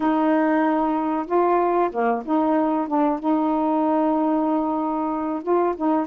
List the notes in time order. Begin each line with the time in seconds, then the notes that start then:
0.00 D#4
1.26 F4
1.91 A#3
2.25 D#4
2.87 D4
3.19 D#4
5.43 F4
5.76 D#4